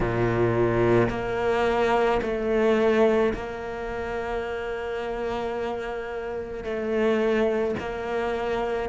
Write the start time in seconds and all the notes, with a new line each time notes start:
0.00 A#2
1.09 A#3
2.22 A3
3.34 A#3
6.64 A3
7.79 A#3